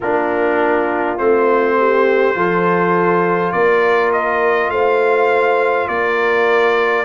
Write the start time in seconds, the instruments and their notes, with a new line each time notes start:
0.00 tuba A#3, trombone D4, horn F4, trumpet A#4
1.17 tuba A3, trombone C4, trumpet C5
1.77 horn G4
2.34 tuba F3, trombone F4, horn A4
3.52 tuba A#3, horn A#4, trumpet D5
4.12 trumpet D#5
4.69 tuba A3, horn C5, trumpet F5
5.88 tuba A#3, horn A#4, trumpet D5